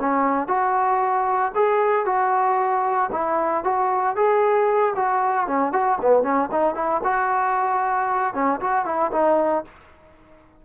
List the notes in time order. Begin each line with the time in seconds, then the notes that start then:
0.00 C#4
0.48 F#4
1.55 G#4
2.05 F#4
3.12 E4
3.64 F#4
4.16 G#4
4.95 F#4
5.47 C#4
5.72 F#4
6.01 B3
6.23 C#4
6.51 D#4
6.75 E4
7.03 F#4
8.34 C#4
8.60 F#4
8.85 E4
9.12 D#4